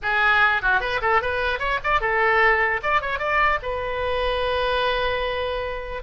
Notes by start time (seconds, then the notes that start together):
0.02 G#4
0.62 F#4
0.80 B4
1.01 A4
1.21 B4
1.59 C#5
1.83 D5
2.00 A4
2.83 D5
3.01 C#5
3.19 D5
3.62 B4